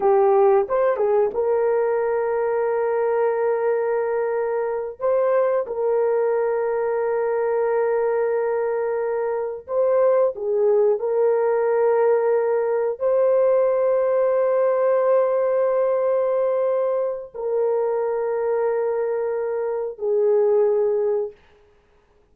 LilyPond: \new Staff \with { instrumentName = "horn" } { \time 4/4 \tempo 4 = 90 g'4 c''8 gis'8 ais'2~ | ais'2.~ ais'8 c''8~ | c''8 ais'2.~ ais'8~ | ais'2~ ais'8 c''4 gis'8~ |
gis'8 ais'2. c''8~ | c''1~ | c''2 ais'2~ | ais'2 gis'2 | }